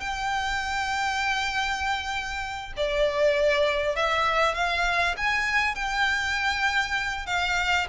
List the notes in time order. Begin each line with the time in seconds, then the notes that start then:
0.00 G5
2.76 D5
3.96 E5
4.55 F5
5.17 G#5
5.75 G5
7.26 F5